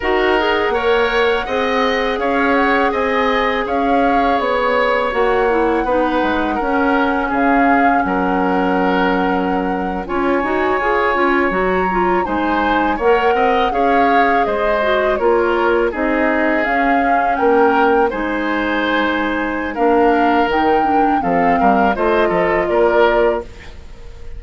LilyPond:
<<
  \new Staff \with { instrumentName = "flute" } { \time 4/4 \tempo 4 = 82 fis''2. f''8 fis''8 | gis''4 f''4 cis''4 fis''4~ | fis''2 f''4 fis''4~ | fis''4.~ fis''16 gis''2 ais''16~ |
ais''8. gis''4 fis''4 f''4 dis''16~ | dis''8. cis''4 dis''4 f''4 g''16~ | g''8. gis''2~ gis''16 f''4 | g''4 f''4 dis''4 d''4 | }
  \new Staff \with { instrumentName = "oboe" } { \time 4/4 ais'4 cis''4 dis''4 cis''4 | dis''4 cis''2. | b'4 ais'4 gis'4 ais'4~ | ais'4.~ ais'16 cis''2~ cis''16~ |
cis''8. c''4 cis''8 dis''8 cis''4 c''16~ | c''8. ais'4 gis'2 ais'16~ | ais'8. c''2~ c''16 ais'4~ | ais'4 a'8 ais'8 c''8 a'8 ais'4 | }
  \new Staff \with { instrumentName = "clarinet" } { \time 4/4 fis'8 gis'8 ais'4 gis'2~ | gis'2. fis'8 e'8 | dis'4 cis'2.~ | cis'4.~ cis'16 f'8 fis'8 gis'8 f'8 fis'16~ |
fis'16 f'8 dis'4 ais'4 gis'4~ gis'16~ | gis'16 fis'8 f'4 dis'4 cis'4~ cis'16~ | cis'8. dis'2~ dis'16 d'4 | dis'8 d'8 c'4 f'2 | }
  \new Staff \with { instrumentName = "bassoon" } { \time 4/4 dis'4 ais4 c'4 cis'4 | c'4 cis'4 b4 ais4 | b8 gis8 cis'4 cis4 fis4~ | fis4.~ fis16 cis'8 dis'8 f'8 cis'8 fis16~ |
fis8. gis4 ais8 c'8 cis'4 gis16~ | gis8. ais4 c'4 cis'4 ais16~ | ais8. gis2~ gis16 ais4 | dis4 f8 g8 a8 f8 ais4 | }
>>